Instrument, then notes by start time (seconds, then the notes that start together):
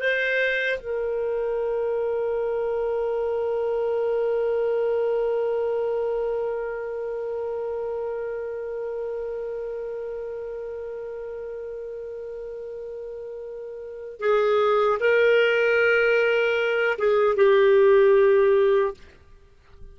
clarinet
0.00 C5
0.79 A#4
14.20 G#4
15.00 A#4
16.99 G#4
17.37 G4